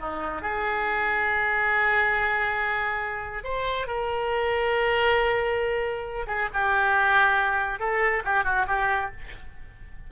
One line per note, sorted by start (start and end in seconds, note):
0.00 0.42 D#4
0.42 3.44 G#4
3.44 3.87 C5
3.87 6.26 A#4
6.27 6.49 G#4
6.54 7.80 G4
7.80 8.23 A4
8.25 8.44 G4
8.44 8.66 F#4
8.68 9.11 G4